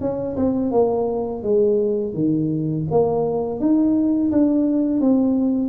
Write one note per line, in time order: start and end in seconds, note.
0.00 0.36 C#4
0.36 0.71 C4
0.71 1.42 A#3
1.43 2.13 G#3
2.13 2.85 D#3
2.91 3.60 A#3
3.60 4.31 D#4
4.31 5.00 D4
5.00 5.69 C4